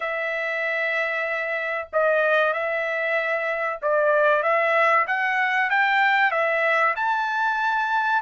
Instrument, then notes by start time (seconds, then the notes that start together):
trumpet
0.00 E5
1.92 D#5
2.53 E5
3.82 D5
4.42 E5
5.07 F#5
5.70 G5
6.31 E5
6.96 A5